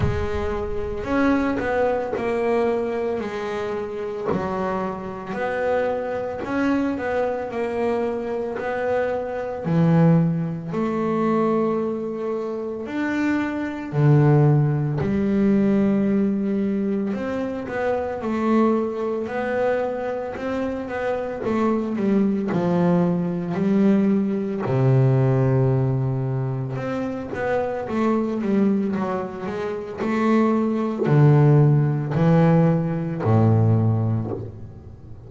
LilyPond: \new Staff \with { instrumentName = "double bass" } { \time 4/4 \tempo 4 = 56 gis4 cis'8 b8 ais4 gis4 | fis4 b4 cis'8 b8 ais4 | b4 e4 a2 | d'4 d4 g2 |
c'8 b8 a4 b4 c'8 b8 | a8 g8 f4 g4 c4~ | c4 c'8 b8 a8 g8 fis8 gis8 | a4 d4 e4 a,4 | }